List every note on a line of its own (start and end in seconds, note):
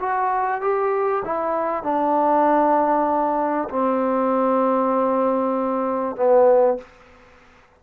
0.00 0.62 F#4
0.62 1.23 G4
1.25 1.84 E4
1.84 3.69 D4
3.70 6.16 C4
6.16 6.78 B3